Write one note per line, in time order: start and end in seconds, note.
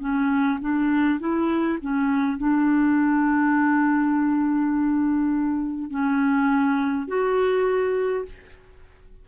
0.00 0.59 C#4
0.61 1.20 D4
1.20 1.79 E4
1.81 2.38 C#4
2.38 5.90 D4
5.90 7.07 C#4
7.07 8.25 F#4